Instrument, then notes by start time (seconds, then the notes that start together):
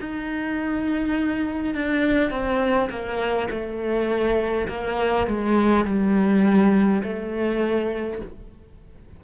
cello
0.00 D#4
1.74 D4
2.30 C4
2.90 A#3
3.50 A3
4.68 A#3
5.27 G#3
5.84 G3
7.03 A3